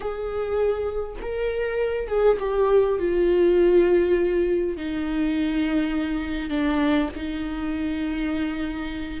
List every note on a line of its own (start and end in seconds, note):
0.00 1.16 G#4
1.21 2.07 A#4
2.07 2.37 G#4
2.39 2.99 G4
2.99 4.76 F4
4.76 6.49 D#4
6.49 7.09 D4
7.15 9.20 D#4